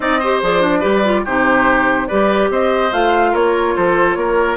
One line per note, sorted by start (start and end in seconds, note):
0.00 0.42 C4
0.00 0.20 D#4
0.00 0.19 D5
0.00 0.42 D#5
0.19 0.43 G4
0.19 0.79 C5
0.42 0.83 F3
0.42 0.61 G#4
0.42 1.25 D5
0.61 0.82 D4
0.79 1.25 G3
0.79 1.02 G4
0.79 1.21 B4
1.04 1.25 F4
1.24 2.09 C3
1.24 2.09 D#4
1.24 2.08 G4
1.24 2.07 C5
2.07 2.50 G3
2.07 2.91 G4
2.07 2.49 B4
2.07 2.49 D5
2.50 2.91 C4
2.50 3.31 C5
2.50 2.93 D#5
2.91 3.34 A3
2.91 4.57 F4
2.91 3.34 F5
3.31 3.76 A#3
3.31 3.73 A#4
3.31 3.76 C#5
3.76 4.15 F3
3.76 4.17 A4
3.76 4.14 C5
4.14 4.57 A#3
4.14 4.57 A#4
4.14 4.56 C#5